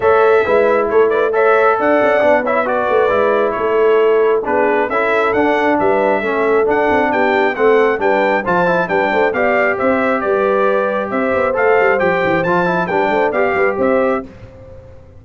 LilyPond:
<<
  \new Staff \with { instrumentName = "trumpet" } { \time 4/4 \tempo 4 = 135 e''2 cis''8 d''8 e''4 | fis''4. e''8 d''2 | cis''2 b'4 e''4 | fis''4 e''2 fis''4 |
g''4 fis''4 g''4 a''4 | g''4 f''4 e''4 d''4~ | d''4 e''4 f''4 g''4 | a''4 g''4 f''4 e''4 | }
  \new Staff \with { instrumentName = "horn" } { \time 4/4 cis''4 b'4 a'8 b'8 cis''4 | d''4. cis''8 b'2 | a'2 gis'4 a'4~ | a'4 b'4 a'2 |
g'4 a'4 b'4 c''4 | b'8 c''8 d''4 c''4 b'4~ | b'4 c''2.~ | c''4 b'8 c''8 d''8 b'8 c''4 | }
  \new Staff \with { instrumentName = "trombone" } { \time 4/4 a'4 e'2 a'4~ | a'4 d'8 e'8 fis'4 e'4~ | e'2 d'4 e'4 | d'2 cis'4 d'4~ |
d'4 c'4 d'4 f'8 e'8 | d'4 g'2.~ | g'2 a'4 g'4 | f'8 e'8 d'4 g'2 | }
  \new Staff \with { instrumentName = "tuba" } { \time 4/4 a4 gis4 a2 | d'8 cis'8 b4. a8 gis4 | a2 b4 cis'4 | d'4 g4 a4 d'8 c'8 |
b4 a4 g4 f4 | g8 a8 b4 c'4 g4~ | g4 c'8 b8 a8 g8 f8 e8 | f4 g8 a8 b8 g8 c'4 | }
>>